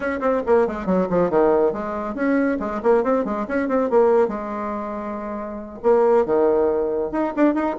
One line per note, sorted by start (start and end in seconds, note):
0.00 0.20 C#4
0.20 0.42 C4
0.46 0.67 A#3
0.67 0.86 G#3
0.86 1.07 F#3
1.09 1.29 F3
1.29 1.72 D#3
1.72 2.14 G#3
2.14 2.58 C#4
2.59 2.81 G#3
2.83 3.03 A#3
3.03 3.24 C4
3.24 3.46 G#3
3.47 3.68 C#4
3.68 3.90 C4
3.90 4.28 A#3
4.28 5.79 G#3
5.83 6.25 A#3
6.25 7.11 D#3
7.11 7.33 D#4
7.36 7.54 D4
7.54 7.76 D#4